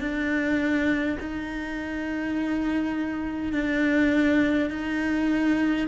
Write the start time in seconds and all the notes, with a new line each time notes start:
0.00 D4
1.20 D#4
3.52 D4
4.70 D#4